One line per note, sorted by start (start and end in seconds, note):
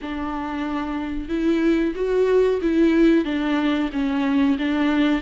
0.01 1.28 D4
1.28 1.94 E4
1.95 2.60 F#4
2.61 3.24 E4
3.24 3.90 D4
3.92 4.57 C#4
4.58 5.21 D4